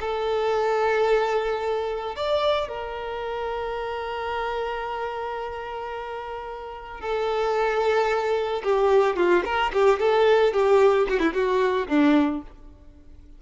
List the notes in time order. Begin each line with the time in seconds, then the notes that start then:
0.00 A4
2.16 D5
2.68 A#4
7.00 A4
8.63 G4
9.16 F4
9.45 A#4
9.73 G4
10.00 A4
10.53 G4
11.09 F#4
11.19 E4
11.33 F#4
11.88 D4